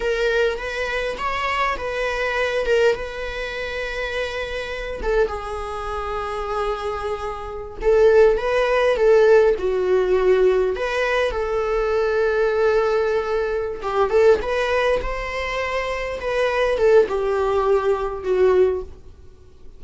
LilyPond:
\new Staff \with { instrumentName = "viola" } { \time 4/4 \tempo 4 = 102 ais'4 b'4 cis''4 b'4~ | b'8 ais'8 b'2.~ | b'8 a'8 gis'2.~ | gis'4~ gis'16 a'4 b'4 a'8.~ |
a'16 fis'2 b'4 a'8.~ | a'2.~ a'8 g'8 | a'8 b'4 c''2 b'8~ | b'8 a'8 g'2 fis'4 | }